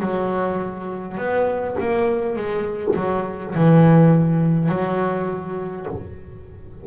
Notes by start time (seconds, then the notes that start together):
0.00 F#3
1.17 B3
1.80 A#3
2.36 G#3
2.95 F#3
3.55 E3
4.68 F#3